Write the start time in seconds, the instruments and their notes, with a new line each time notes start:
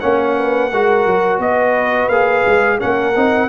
0.00 tuba A#3, trombone C#4, horn C#5, trumpet F#5
0.36 horn B4
0.71 tuba G#3, trombone F#4, horn A#4
1.06 tuba F#3
1.39 tuba B3, horn B4, trumpet D#5
2.09 tuba A#3, trombone G#4, trumpet F5
2.46 tuba G#3
2.79 tuba A#3, trombone C#4, horn A#4, trumpet F#5
3.15 tuba C4, trombone D#4